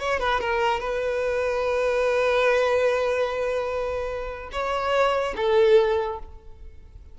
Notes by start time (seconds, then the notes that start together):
0.00 C#5
0.20 B4
0.41 A#4
0.81 B4
4.53 C#5
5.37 A4